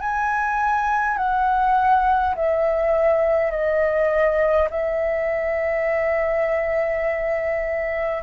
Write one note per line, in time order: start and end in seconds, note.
0.00 1.17 G#5
1.17 2.35 F#5
2.35 3.51 E5
3.51 4.68 D#5
4.70 8.23 E5